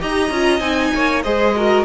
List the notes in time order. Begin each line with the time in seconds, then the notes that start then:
0.00 D#4 G4 D#5 A#5
0.30 C#4 F4
0.60 C4 D#4 G#5
0.95 A#3 C#5
1.23 G#3 G#4 C5 D#5
1.56 F#4 A#4